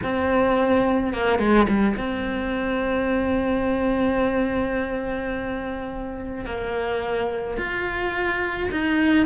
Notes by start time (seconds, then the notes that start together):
0.03 C4
1.13 A#3
1.38 G#3
1.68 G3
1.97 C4
6.45 A#3
7.57 F4
8.71 D#4